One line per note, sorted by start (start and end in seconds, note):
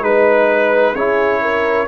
0.00 0.92 G#3
0.00 0.94 D#4
0.00 0.95 B4
0.00 0.93 B4
0.93 1.87 C#4
0.93 1.87 E4
0.93 1.40 G#4
0.93 1.87 C#5
1.42 1.87 A#4